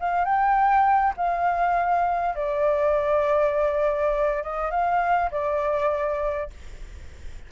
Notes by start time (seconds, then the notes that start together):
0.00 F5
0.25 G5
1.17 F5
2.35 D5
4.43 D#5
4.71 F5
5.31 D5